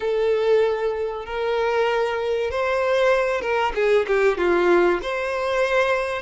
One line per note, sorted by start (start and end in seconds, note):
0.00 1.25 A4
1.25 2.50 A#4
2.50 3.41 C5
3.41 3.72 A#4
3.74 4.06 G#4
4.07 4.37 G4
4.37 5.00 F4
5.02 6.22 C5